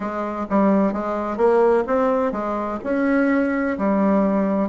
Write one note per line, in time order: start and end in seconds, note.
0.00 0.46 G#3
0.49 0.92 G3
0.92 1.37 G#3
1.37 1.84 A#3
1.87 2.32 C4
2.32 2.79 G#3
2.83 3.77 C#4
3.78 4.68 G3